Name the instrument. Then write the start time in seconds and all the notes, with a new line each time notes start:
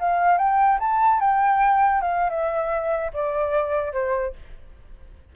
flute
0.00 F5
0.38 G5
0.80 A5
1.20 G5
2.02 F5
2.30 E5
3.14 D5
3.93 C5